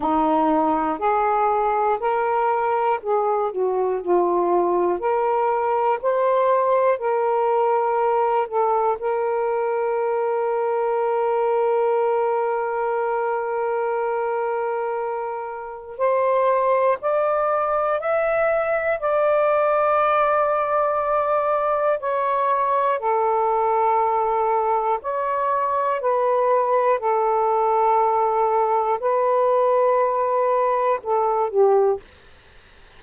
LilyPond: \new Staff \with { instrumentName = "saxophone" } { \time 4/4 \tempo 4 = 60 dis'4 gis'4 ais'4 gis'8 fis'8 | f'4 ais'4 c''4 ais'4~ | ais'8 a'8 ais'2.~ | ais'1 |
c''4 d''4 e''4 d''4~ | d''2 cis''4 a'4~ | a'4 cis''4 b'4 a'4~ | a'4 b'2 a'8 g'8 | }